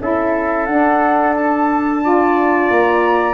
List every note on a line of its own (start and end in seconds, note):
0.00 0.67 C#4
0.00 0.67 E4
0.00 2.04 A4
0.00 0.66 E5
0.66 2.70 D4
0.66 2.03 D4
0.66 1.33 F#5
1.36 2.71 A5
2.03 3.34 F4
2.03 3.34 D5
2.70 3.34 A#3
2.70 3.34 A#5